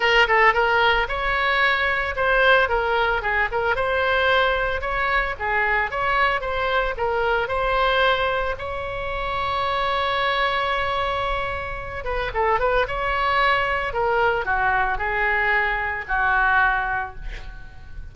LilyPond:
\new Staff \with { instrumentName = "oboe" } { \time 4/4 \tempo 4 = 112 ais'8 a'8 ais'4 cis''2 | c''4 ais'4 gis'8 ais'8 c''4~ | c''4 cis''4 gis'4 cis''4 | c''4 ais'4 c''2 |
cis''1~ | cis''2~ cis''8 b'8 a'8 b'8 | cis''2 ais'4 fis'4 | gis'2 fis'2 | }